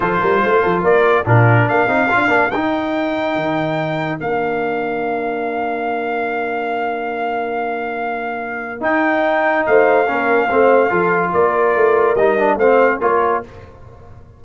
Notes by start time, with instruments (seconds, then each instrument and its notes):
0.00 tuba F3, trombone F4, horn A4, trumpet C5
0.20 tuba G3, horn A#4
0.42 tuba A3, horn C5
0.62 tuba F3, horn A4
0.82 tuba A#3, horn A#4, trumpet D5
1.25 tuba A#2, trombone D4, horn F4, trumpet A#4
1.67 tuba A#3, horn A#4, trumpet F5
1.87 tuba C4, trombone D#4
2.10 tuba D4, trombone F4
2.27 tuba A#3, trombone D4
2.50 tuba D#4, trombone D#4, trumpet G5
3.35 tuba D#3
4.19 tuba A#3, trombone D4, trumpet F5
8.80 tuba D#4, trombone D#4, trumpet G5
9.66 tuba A3, horn C5, trumpet F5
10.06 tuba A#3, trombone C#4, horn A#4
10.50 tuba A3, trombone C4, horn C5
10.89 tuba F3, trombone F4, horn A4
11.32 tuba A#3, horn A#4, trumpet D5
11.75 tuba A3
12.15 tuba G3, trombone D#4, trumpet D#5
12.38 trombone D4
12.56 tuba A3, trombone C4, horn C5, trumpet F5
13.00 tuba A#3, trombone F4, horn A#4, trumpet C#5